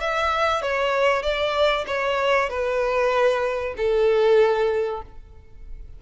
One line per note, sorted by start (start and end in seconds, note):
0.00 0.62 E5
0.62 1.22 C#5
1.22 1.85 D5
1.87 2.49 C#5
2.49 3.74 B4
3.77 5.02 A4